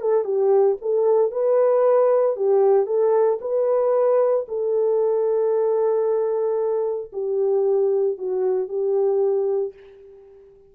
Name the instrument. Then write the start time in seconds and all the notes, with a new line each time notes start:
horn
0.00 A4
0.24 G4
0.81 A4
1.31 B4
2.36 G4
2.86 A4
3.40 B4
4.48 A4
7.12 G4
8.17 F#4
8.68 G4